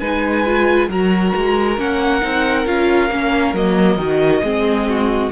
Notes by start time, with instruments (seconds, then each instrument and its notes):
0.00 cello G#3, viola D#4, violin B4 G#5
0.46 viola F4
0.89 cello F#3, viola F#4, violin A#4 A#5
1.36 cello G#3
1.78 cello A#3, viola C#4, violin F#5
2.22 cello C4, viola D#4
2.67 cello C#4, viola F4, violin F5
3.10 cello A#3, viola C#4
3.54 cello F#3, viola A#3, violin D#5
3.97 cello D#3, viola F#4
4.43 cello G#3, viola C4, violin G#4
4.90 violin F#4